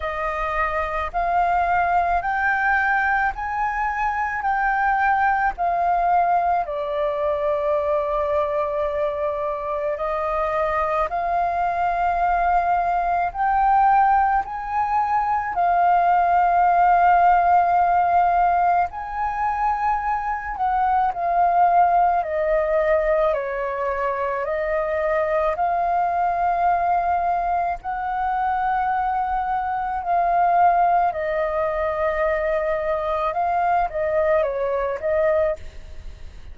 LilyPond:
\new Staff \with { instrumentName = "flute" } { \time 4/4 \tempo 4 = 54 dis''4 f''4 g''4 gis''4 | g''4 f''4 d''2~ | d''4 dis''4 f''2 | g''4 gis''4 f''2~ |
f''4 gis''4. fis''8 f''4 | dis''4 cis''4 dis''4 f''4~ | f''4 fis''2 f''4 | dis''2 f''8 dis''8 cis''8 dis''8 | }